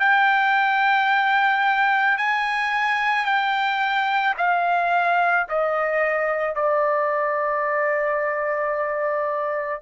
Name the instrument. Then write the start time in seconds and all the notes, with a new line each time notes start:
trumpet
0.00 G5
2.18 G#5
3.26 G5
4.38 F5
5.49 D#5
6.56 D5